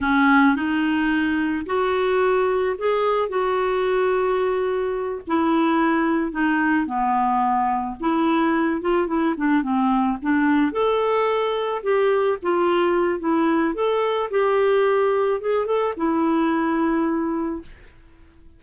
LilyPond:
\new Staff \with { instrumentName = "clarinet" } { \time 4/4 \tempo 4 = 109 cis'4 dis'2 fis'4~ | fis'4 gis'4 fis'2~ | fis'4. e'2 dis'8~ | dis'8 b2 e'4. |
f'8 e'8 d'8 c'4 d'4 a'8~ | a'4. g'4 f'4. | e'4 a'4 g'2 | gis'8 a'8 e'2. | }